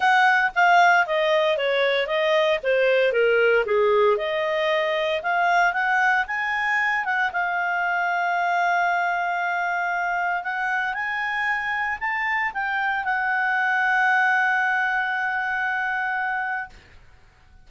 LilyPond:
\new Staff \with { instrumentName = "clarinet" } { \time 4/4 \tempo 4 = 115 fis''4 f''4 dis''4 cis''4 | dis''4 c''4 ais'4 gis'4 | dis''2 f''4 fis''4 | gis''4. fis''8 f''2~ |
f''1 | fis''4 gis''2 a''4 | g''4 fis''2.~ | fis''1 | }